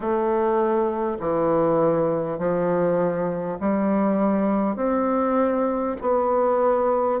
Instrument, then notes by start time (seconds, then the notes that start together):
bassoon
0.00 A3
1.19 E3
2.38 F3
3.59 G3
4.76 C4
6.01 B3